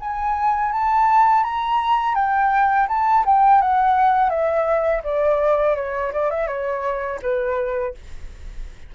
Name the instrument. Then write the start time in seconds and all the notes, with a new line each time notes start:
flute
0.00 G#5
0.72 A5
1.44 A#5
2.15 G5
2.88 A5
3.26 G5
3.61 F#5
4.30 E5
5.04 D5
5.76 C#5
6.13 D5
6.31 E5
6.47 C#5
7.22 B4